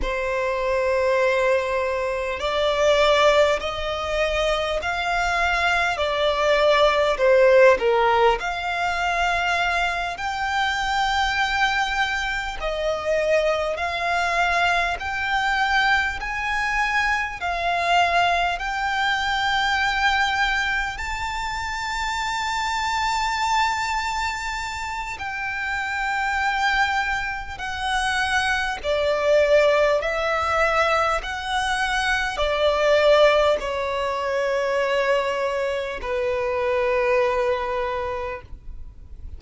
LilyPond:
\new Staff \with { instrumentName = "violin" } { \time 4/4 \tempo 4 = 50 c''2 d''4 dis''4 | f''4 d''4 c''8 ais'8 f''4~ | f''8 g''2 dis''4 f''8~ | f''8 g''4 gis''4 f''4 g''8~ |
g''4. a''2~ a''8~ | a''4 g''2 fis''4 | d''4 e''4 fis''4 d''4 | cis''2 b'2 | }